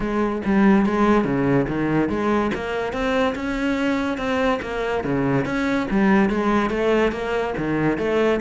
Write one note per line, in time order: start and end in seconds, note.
0.00 0.42 G#3
0.45 0.85 G3
0.85 1.24 G#3
1.24 1.66 C#3
1.68 2.09 D#3
2.09 2.51 G#3
2.54 2.92 A#3
2.92 3.34 C4
3.35 4.17 C#4
4.17 4.59 C4
4.62 5.03 A#3
5.04 5.45 C#3
5.45 5.87 C#4
5.90 6.29 G3
6.29 6.70 G#3
6.70 7.11 A3
7.11 7.53 A#3
7.57 7.98 D#3
7.98 8.40 A3